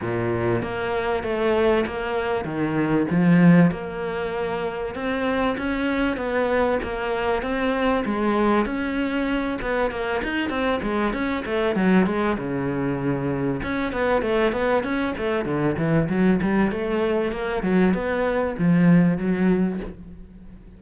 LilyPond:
\new Staff \with { instrumentName = "cello" } { \time 4/4 \tempo 4 = 97 ais,4 ais4 a4 ais4 | dis4 f4 ais2 | c'4 cis'4 b4 ais4 | c'4 gis4 cis'4. b8 |
ais8 dis'8 c'8 gis8 cis'8 a8 fis8 gis8 | cis2 cis'8 b8 a8 b8 | cis'8 a8 d8 e8 fis8 g8 a4 | ais8 fis8 b4 f4 fis4 | }